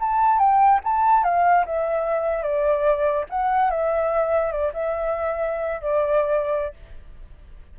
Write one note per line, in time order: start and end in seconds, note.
0.00 0.39 A5
0.39 0.80 G5
0.84 1.24 A5
1.24 1.65 F5
1.66 2.43 E5
2.43 3.25 D5
3.30 3.71 F#5
3.71 4.52 E5
4.52 4.73 D5
4.73 5.82 E5
5.82 6.74 D5